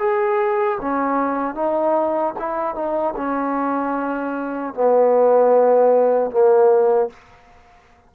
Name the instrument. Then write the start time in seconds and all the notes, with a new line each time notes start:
trombone
0.00 G#4
0.81 C#4
1.55 D#4
2.39 E4
2.75 D#4
3.17 C#4
4.74 B3
6.31 A#3